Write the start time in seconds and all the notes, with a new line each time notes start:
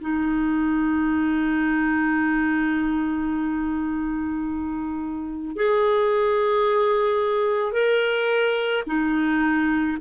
0.00 D#4
5.56 G#4
7.72 A#4
8.86 D#4